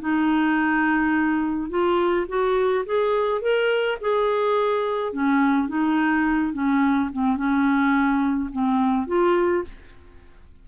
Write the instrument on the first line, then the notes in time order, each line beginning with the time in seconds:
clarinet
0.00 D#4
1.70 F4
2.28 F#4
2.86 G#4
3.41 A#4
4.01 G#4
5.13 C#4
5.68 D#4
6.53 C#4
7.12 C4
7.36 C#4
8.52 C4
9.07 F4